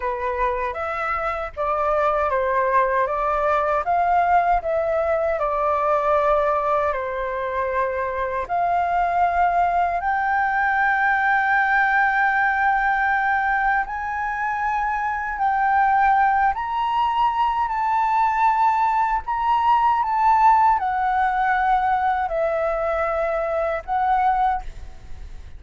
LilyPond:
\new Staff \with { instrumentName = "flute" } { \time 4/4 \tempo 4 = 78 b'4 e''4 d''4 c''4 | d''4 f''4 e''4 d''4~ | d''4 c''2 f''4~ | f''4 g''2.~ |
g''2 gis''2 | g''4. ais''4. a''4~ | a''4 ais''4 a''4 fis''4~ | fis''4 e''2 fis''4 | }